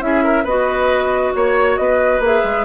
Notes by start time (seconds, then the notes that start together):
0.00 C#4 E4 G#4 E5
0.23 A#4
0.43 B3 F#4 B4 D#5
1.34 A#3 C#5
1.77 B3 B4 D#5
2.19 A#3 G#4
2.26 E5
2.44 G#3